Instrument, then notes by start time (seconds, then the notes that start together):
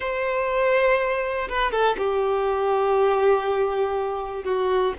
violin
0.00 C5
1.48 B4
1.71 A4
1.97 G4
4.44 F#4